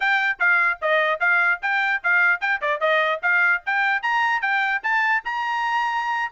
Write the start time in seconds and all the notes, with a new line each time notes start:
0.00 G5
0.39 F5
0.81 D#5
1.20 F5
1.62 G5
2.03 F5
2.40 G5
2.61 D5
2.80 D#5
3.22 F5
3.66 G5
4.02 A#5
4.41 G5
4.83 A5
5.25 A#5